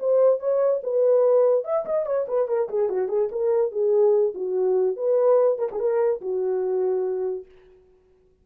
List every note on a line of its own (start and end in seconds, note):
0.00 0.40 C5
0.40 0.81 C#5
0.84 1.65 B4
1.65 1.85 E5
1.86 2.06 D#5
2.06 2.27 C#5
2.29 2.48 B4
2.48 2.69 A#4
2.70 2.90 G#4
2.90 3.09 F#4
3.09 3.30 G#4
3.32 3.72 A#4
3.72 4.34 G#4
4.34 4.97 F#4
4.97 5.59 B4
5.59 5.69 A#4
5.72 5.80 G#4
5.80 6.21 A#4
6.21 7.46 F#4